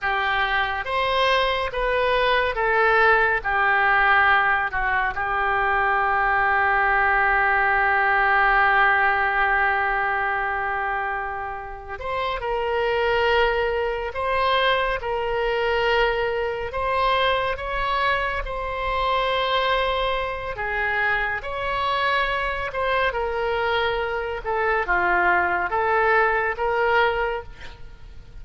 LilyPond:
\new Staff \with { instrumentName = "oboe" } { \time 4/4 \tempo 4 = 70 g'4 c''4 b'4 a'4 | g'4. fis'8 g'2~ | g'1~ | g'2 c''8 ais'4.~ |
ais'8 c''4 ais'2 c''8~ | c''8 cis''4 c''2~ c''8 | gis'4 cis''4. c''8 ais'4~ | ais'8 a'8 f'4 a'4 ais'4 | }